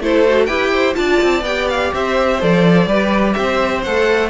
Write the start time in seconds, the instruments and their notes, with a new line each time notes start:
0.00 cello A3, viola E4, violin A4 C5
0.27 viola F#4
0.46 cello E4, viola G4, violin B4 G5
0.72 violin C5
0.94 cello D4, viola F4, violin D5 A5
1.22 cello C4
1.42 cello B3, viola G4, violin G5
1.69 violin F5
1.94 cello C4, violin C5 E5
2.41 cello F3, viola A4, violin D5
2.86 cello G3, viola G4, violin B4
3.33 cello C4, violin C5 E5
3.84 cello A3, viola A4, violin F#5